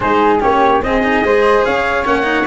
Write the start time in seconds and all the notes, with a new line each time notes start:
0.00 G#3 D#4 G#4 C5
0.39 A#3 C#4 G4 C#5
0.81 C4 G#4 D#5
1.03 D#4
1.22 G#3 G#4 C5
1.64 C#4 C#5 F5
2.05 A#3 C#4 F#5
2.23 D#4